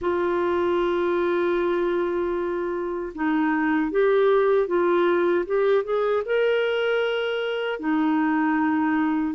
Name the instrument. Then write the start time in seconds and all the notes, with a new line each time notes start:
clarinet
0.01 F4
3.14 D#4
3.91 G4
4.67 F4
5.45 G4
5.84 G#4
6.25 A#4
7.79 D#4